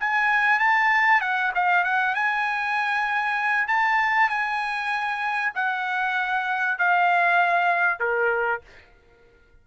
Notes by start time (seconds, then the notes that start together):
0.00 G#5
0.59 A5
1.21 F#5
1.55 F5
1.84 F#5
2.15 G#5
3.67 A5
4.29 G#5
5.54 F#5
6.78 F5
7.99 A#4